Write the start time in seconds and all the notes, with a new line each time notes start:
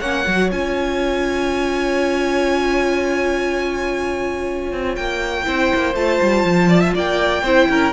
0.00 A#3 C#4 C#5 F#5
0.25 F#3 F#4
0.52 C#4 F4 G#5
4.73 C4
4.96 A#3 G5
5.45 C4 E4 C5
5.75 A#3
5.95 A3 F4 A5
6.22 G3
6.44 F3
6.69 D5
6.81 E5
6.95 A#3 D5 G5
7.43 C4 E4 C5
7.69 C#4 A#4